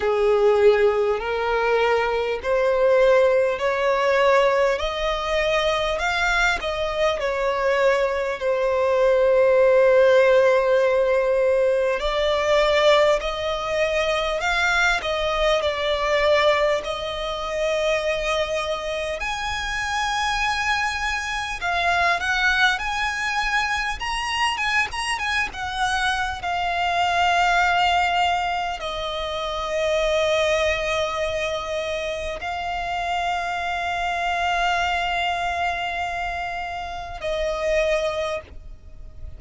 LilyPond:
\new Staff \with { instrumentName = "violin" } { \time 4/4 \tempo 4 = 50 gis'4 ais'4 c''4 cis''4 | dis''4 f''8 dis''8 cis''4 c''4~ | c''2 d''4 dis''4 | f''8 dis''8 d''4 dis''2 |
gis''2 f''8 fis''8 gis''4 | ais''8 gis''16 ais''16 gis''16 fis''8. f''2 | dis''2. f''4~ | f''2. dis''4 | }